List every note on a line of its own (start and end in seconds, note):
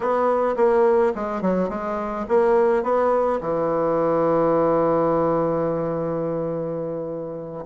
0.00 0.55 B3
0.56 1.12 A#3
1.15 1.41 G#3
1.41 1.69 F#3
1.69 2.26 G#3
2.28 2.83 A#3
2.83 3.39 B3
3.40 7.65 E3